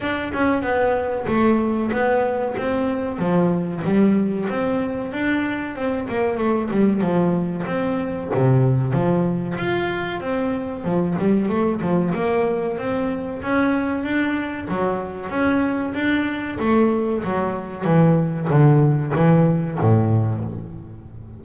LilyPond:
\new Staff \with { instrumentName = "double bass" } { \time 4/4 \tempo 4 = 94 d'8 cis'8 b4 a4 b4 | c'4 f4 g4 c'4 | d'4 c'8 ais8 a8 g8 f4 | c'4 c4 f4 f'4 |
c'4 f8 g8 a8 f8 ais4 | c'4 cis'4 d'4 fis4 | cis'4 d'4 a4 fis4 | e4 d4 e4 a,4 | }